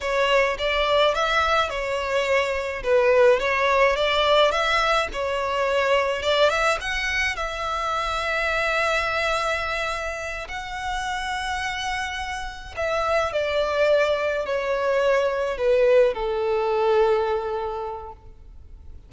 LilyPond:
\new Staff \with { instrumentName = "violin" } { \time 4/4 \tempo 4 = 106 cis''4 d''4 e''4 cis''4~ | cis''4 b'4 cis''4 d''4 | e''4 cis''2 d''8 e''8 | fis''4 e''2.~ |
e''2~ e''8 fis''4.~ | fis''2~ fis''8 e''4 d''8~ | d''4. cis''2 b'8~ | b'8 a'2.~ a'8 | }